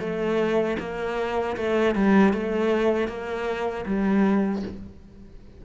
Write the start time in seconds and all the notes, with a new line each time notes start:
0.00 A3
0.79 A#3
1.57 A3
1.95 G3
2.33 A3
3.08 A#3
3.86 G3